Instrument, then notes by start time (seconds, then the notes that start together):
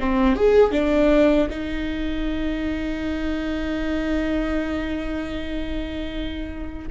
viola
0.00 C4
0.36 G#4
0.72 D4
1.50 D#4